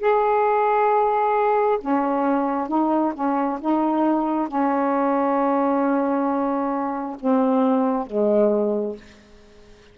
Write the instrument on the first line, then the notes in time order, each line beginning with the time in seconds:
saxophone
0.00 G#4
1.82 C#4
2.69 D#4
3.15 C#4
3.61 D#4
4.49 C#4
7.20 C4
8.07 G#3